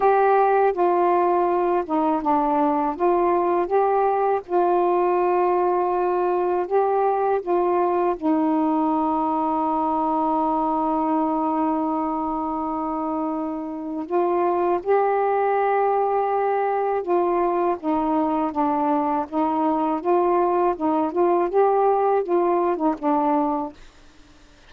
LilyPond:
\new Staff \with { instrumentName = "saxophone" } { \time 4/4 \tempo 4 = 81 g'4 f'4. dis'8 d'4 | f'4 g'4 f'2~ | f'4 g'4 f'4 dis'4~ | dis'1~ |
dis'2. f'4 | g'2. f'4 | dis'4 d'4 dis'4 f'4 | dis'8 f'8 g'4 f'8. dis'16 d'4 | }